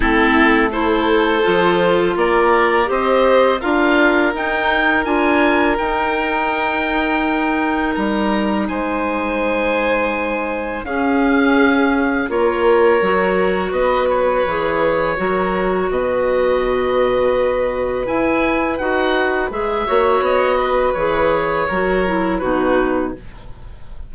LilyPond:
<<
  \new Staff \with { instrumentName = "oboe" } { \time 4/4 \tempo 4 = 83 a'4 c''2 d''4 | dis''4 f''4 g''4 gis''4 | g''2. ais''4 | gis''2. f''4~ |
f''4 cis''2 dis''8 cis''8~ | cis''2 dis''2~ | dis''4 gis''4 fis''4 e''4 | dis''4 cis''2 b'4 | }
  \new Staff \with { instrumentName = "violin" } { \time 4/4 e'4 a'2 ais'4 | c''4 ais'2.~ | ais'1 | c''2. gis'4~ |
gis'4 ais'2 b'4~ | b'4 ais'4 b'2~ | b'2.~ b'8 cis''8~ | cis''8 b'4. ais'4 fis'4 | }
  \new Staff \with { instrumentName = "clarinet" } { \time 4/4 c'4 e'4 f'2 | g'4 f'4 dis'4 f'4 | dis'1~ | dis'2. cis'4~ |
cis'4 f'4 fis'2 | gis'4 fis'2.~ | fis'4 e'4 fis'4 gis'8 fis'8~ | fis'4 gis'4 fis'8 e'8 dis'4 | }
  \new Staff \with { instrumentName = "bassoon" } { \time 4/4 a2 f4 ais4 | c'4 d'4 dis'4 d'4 | dis'2. g4 | gis2. cis'4~ |
cis'4 ais4 fis4 b4 | e4 fis4 b,2~ | b,4 e'4 dis'4 gis8 ais8 | b4 e4 fis4 b,4 | }
>>